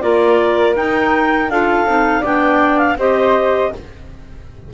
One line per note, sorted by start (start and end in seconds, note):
0.00 0.76 A#3
0.00 0.75 F4
0.00 1.51 A#4
0.00 0.74 D5
0.75 1.49 D#4
0.75 1.50 G5
1.49 1.85 D4
1.49 1.86 F4
1.49 2.20 A4
1.49 2.24 F5
1.85 2.22 C4
1.85 2.23 D#4
2.20 2.96 B3
2.20 2.97 D4
2.20 2.94 D5
2.20 2.78 G5
2.78 2.96 F5
2.96 3.70 C4
2.96 3.72 G4
2.96 3.73 C5
2.96 3.73 D#5